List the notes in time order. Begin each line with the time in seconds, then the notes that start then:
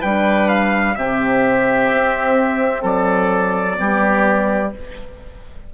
0.00 G3 D4 B4 G5
0.49 F5
0.95 C3 C4 G4 E5
1.92 C4
2.82 F#3 A4 D5
3.76 G3 B3 G4